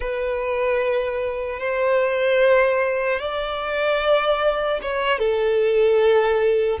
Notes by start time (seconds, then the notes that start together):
0.00 B4
1.59 C5
3.19 D5
4.81 C#5
5.18 A4